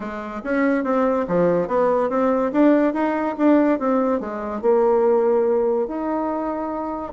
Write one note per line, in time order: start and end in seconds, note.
0.00 0.41 G#3
0.44 0.84 C#4
0.84 1.26 C4
1.27 1.67 F3
1.67 2.09 B3
2.09 2.51 C4
2.52 2.93 D4
2.93 3.35 D#4
3.37 3.79 D4
3.79 4.20 C4
4.20 4.61 G#3
4.61 5.87 A#3
5.87 7.13 D#4